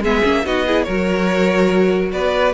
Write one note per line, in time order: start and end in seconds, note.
0.00 0.21 G#3
0.00 0.23 B3
0.00 0.44 G#4
0.00 0.46 E5
0.23 0.45 A#3
0.23 0.44 C#4
0.45 0.87 B3
0.45 0.66 D#4
0.45 0.66 F#4
0.45 0.83 D#5
0.66 0.87 E4
0.66 0.86 G#4
0.83 2.12 F#3
0.83 2.54 F#4
0.83 2.12 A#4
0.83 2.09 C#5
2.12 2.54 B3
2.12 2.54 B4
2.12 2.54 D5